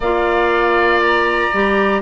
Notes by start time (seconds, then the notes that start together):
0.00 A#3 F4 D5 F5
1.00 A#5
1.53 G3 G4